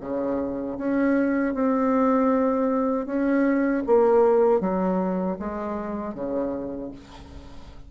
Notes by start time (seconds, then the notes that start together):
0.00 C#3
0.77 C#4
1.53 C4
3.06 C#4
3.86 A#3
4.60 F#3
5.39 G#3
6.14 C#3